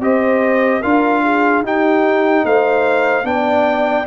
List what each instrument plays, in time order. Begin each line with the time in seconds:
0.00 tuba C4, trombone G4, horn C5, trumpet D#5
0.81 tuba D4, trombone F4, horn A#4, trumpet F5
1.23 horn G#4
1.62 tuba D#4, trombone D#4, horn G4, trumpet G5
2.44 tuba A3, horn C5, trumpet F5
3.24 tuba B3, trombone D4, horn D5, trumpet G5